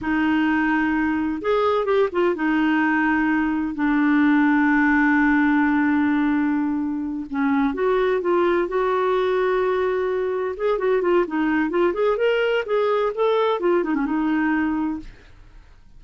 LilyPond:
\new Staff \with { instrumentName = "clarinet" } { \time 4/4 \tempo 4 = 128 dis'2. gis'4 | g'8 f'8 dis'2. | d'1~ | d'2.~ d'8 cis'8~ |
cis'8 fis'4 f'4 fis'4.~ | fis'2~ fis'8 gis'8 fis'8 f'8 | dis'4 f'8 gis'8 ais'4 gis'4 | a'4 f'8 dis'16 cis'16 dis'2 | }